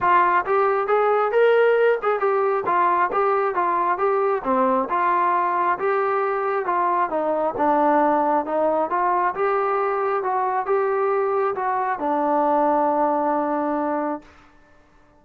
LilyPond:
\new Staff \with { instrumentName = "trombone" } { \time 4/4 \tempo 4 = 135 f'4 g'4 gis'4 ais'4~ | ais'8 gis'8 g'4 f'4 g'4 | f'4 g'4 c'4 f'4~ | f'4 g'2 f'4 |
dis'4 d'2 dis'4 | f'4 g'2 fis'4 | g'2 fis'4 d'4~ | d'1 | }